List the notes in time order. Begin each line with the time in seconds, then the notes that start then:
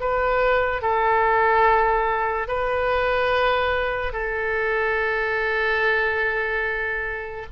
0.00 B4
0.82 A4
2.48 B4
4.12 A4